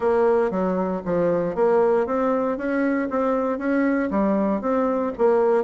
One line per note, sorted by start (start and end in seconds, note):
0.00 0.50 A#3
0.50 1.02 F#3
1.05 1.55 F3
1.55 2.06 A#3
2.06 2.57 C4
2.57 3.09 C#4
3.10 3.58 C4
3.58 4.09 C#4
4.10 4.61 G3
4.61 5.12 C4
5.17 5.64 A#3